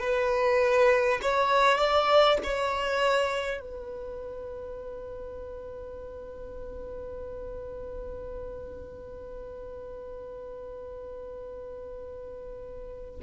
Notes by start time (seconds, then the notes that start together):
0.00 B4
1.22 C#5
1.78 D5
2.43 C#5
3.60 B4